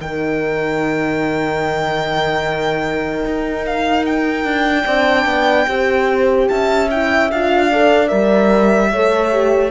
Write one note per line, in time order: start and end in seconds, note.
0.00 3.24 D#3
0.00 4.86 D#4
0.00 4.85 A#4
0.00 3.65 G5
3.25 4.44 D#4
3.66 4.05 F5
4.05 6.48 G5
4.44 4.84 D4
4.85 5.25 C4
4.85 5.67 D4
4.85 5.66 D5
5.25 5.66 B3
5.67 6.49 C4
5.67 6.89 G4
5.67 6.49 C5
6.48 7.32 C#4
6.48 7.70 E5
6.48 6.89 A5
6.90 7.32 E4
6.90 7.31 G5
7.31 8.11 D4
7.31 7.72 F4
7.31 8.08 F5
7.70 8.08 A4
7.70 8.91 D5
8.08 8.92 G3
8.08 8.89 A#4
8.08 9.70 E5
8.91 9.71 A3
8.91 9.32 A4
8.91 9.71 C#5
9.32 9.71 G4